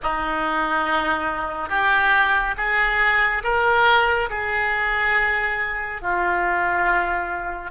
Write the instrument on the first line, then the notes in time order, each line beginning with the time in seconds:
oboe
0.02 D#4
1.69 G4
2.57 G#4
3.43 A#4
4.30 G#4
6.01 F4